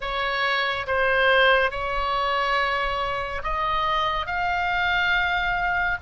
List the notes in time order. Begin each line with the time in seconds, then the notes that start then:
0.00 C#5
0.86 C5
1.71 C#5
3.43 D#5
4.26 F5